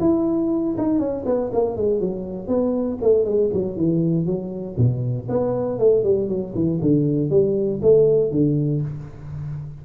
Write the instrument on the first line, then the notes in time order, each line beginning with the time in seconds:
tuba
0.00 E4
0.78 D#4
0.99 C#4
1.26 B3
1.53 A#3
1.76 G#3
2.00 F#3
2.48 B3
3.02 A3
3.25 G#3
3.53 F#3
3.77 E3
4.26 F#3
4.77 B2
5.29 B3
5.79 A3
6.03 G3
6.29 F#3
6.55 E3
6.81 D3
7.30 G3
7.82 A3
8.31 D3